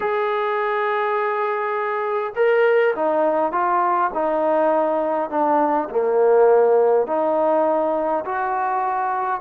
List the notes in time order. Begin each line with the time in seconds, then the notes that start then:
0.00 G#4
2.35 A#4
2.95 D#4
3.52 F4
4.13 D#4
5.29 D4
5.89 A#3
7.06 D#4
8.25 F#4